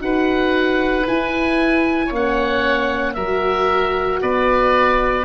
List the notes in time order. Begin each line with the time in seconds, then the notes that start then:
0.00 D#4 F#4 B4 F#5
1.07 E4 G#5
2.06 A#3 C#4 C#5
2.15 F#5
3.14 F#3 F#4 A#4 E5
4.21 B3 B4 D5